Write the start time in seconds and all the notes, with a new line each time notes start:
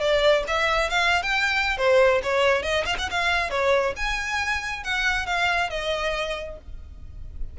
0.00 D5
0.47 E5
0.90 F5
1.23 G5
1.78 C5
2.23 C#5
2.63 D#5
2.85 F5
2.98 F#5
3.11 F5
3.50 C#5
3.96 G#5
4.84 F#5
5.26 F5
5.70 D#5